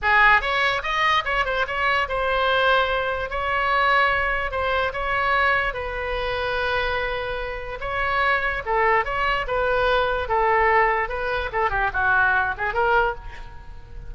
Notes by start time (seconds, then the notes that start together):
0.01 G#4
0.41 C#5
0.82 D#5
1.24 C#5
1.45 C5
1.67 C#5
2.08 C5
3.30 C#5
4.51 C5
4.92 C#5
5.73 B4
7.80 C#5
8.65 A4
9.04 C#5
9.47 B4
10.28 A4
11.08 B4
11.52 A4
11.70 G4
11.93 F#4
12.57 G#4
12.73 A#4